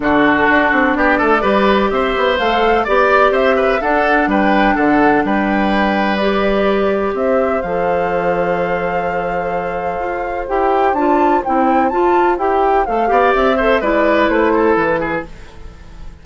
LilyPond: <<
  \new Staff \with { instrumentName = "flute" } { \time 4/4 \tempo 4 = 126 a'2 d''2 | e''4 f''4 d''4 e''4 | fis''4 g''4 fis''4 g''4~ | g''4 d''2 e''4 |
f''1~ | f''2 g''4 a''4 | g''4 a''4 g''4 f''4 | e''4 d''4 c''4 b'4 | }
  \new Staff \with { instrumentName = "oboe" } { \time 4/4 fis'2 g'8 a'8 b'4 | c''2 d''4 c''8 b'8 | a'4 b'4 a'4 b'4~ | b'2. c''4~ |
c''1~ | c''1~ | c''2.~ c''8 d''8~ | d''8 c''8 b'4. a'4 gis'8 | }
  \new Staff \with { instrumentName = "clarinet" } { \time 4/4 d'2. g'4~ | g'4 a'4 g'2 | d'1~ | d'4 g'2. |
a'1~ | a'2 g'4 f'4 | e'4 f'4 g'4 a'8 g'8~ | g'8 a'8 e'2. | }
  \new Staff \with { instrumentName = "bassoon" } { \time 4/4 d4 d'8 c'8 b8 a8 g4 | c'8 b8 a4 b4 c'4 | d'4 g4 d4 g4~ | g2. c'4 |
f1~ | f4 f'4 e'4 d'4 | c'4 f'4 e'4 a8 b8 | c'4 gis4 a4 e4 | }
>>